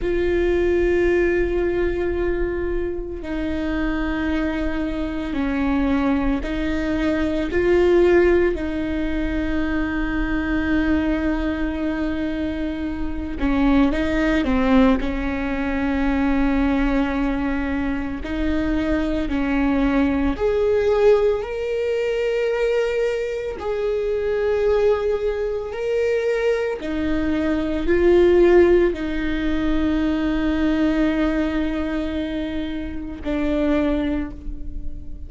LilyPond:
\new Staff \with { instrumentName = "viola" } { \time 4/4 \tempo 4 = 56 f'2. dis'4~ | dis'4 cis'4 dis'4 f'4 | dis'1~ | dis'8 cis'8 dis'8 c'8 cis'2~ |
cis'4 dis'4 cis'4 gis'4 | ais'2 gis'2 | ais'4 dis'4 f'4 dis'4~ | dis'2. d'4 | }